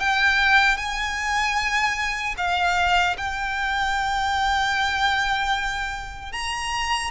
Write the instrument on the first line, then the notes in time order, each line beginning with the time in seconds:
violin
0.00 G5
0.77 G#5
2.38 F5
3.17 G5
6.32 A#5